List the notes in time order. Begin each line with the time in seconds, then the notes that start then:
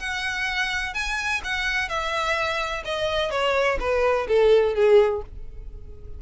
0.00 F#5
0.95 G#5
1.45 F#5
1.89 E5
2.85 D#5
3.31 C#5
3.81 B4
4.29 A4
4.75 G#4